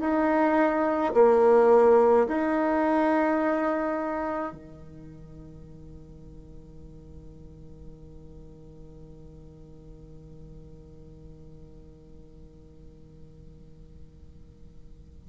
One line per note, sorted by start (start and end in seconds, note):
0.00 1.13 D#4
1.14 2.27 A#3
2.27 4.53 D#4
4.53 15.28 D#3